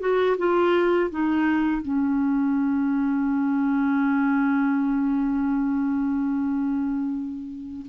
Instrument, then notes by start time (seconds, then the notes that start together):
clarinet
0.00 F#4
0.38 F4
1.10 D#4
1.82 C#4